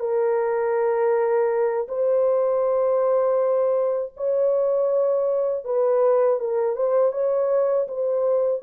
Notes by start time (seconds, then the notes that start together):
0.00 A#4
1.88 C5
4.17 C#5
5.65 B4
6.40 A#4
6.76 C5
7.12 C#5
7.88 C5